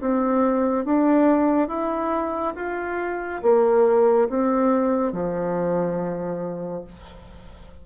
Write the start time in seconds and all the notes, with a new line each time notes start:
0.00 C4
0.85 D4
1.68 E4
2.55 F4
3.42 A#3
4.29 C4
5.12 F3